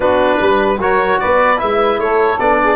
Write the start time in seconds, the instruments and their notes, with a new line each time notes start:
0.00 tuba B3, trombone D4, saxophone F#4, oboe B4
0.40 tuba G3, saxophone B4
0.78 tuba F#3, trombone F#4, saxophone A#4, oboe C#5
1.19 tuba B3, saxophone B4, oboe D5
1.57 tuba G#3, trombone E4, oboe E5
1.98 tuba A3, saxophone A4, oboe C#5
2.39 tuba B3, trombone D4, oboe D5
2.62 saxophone G#4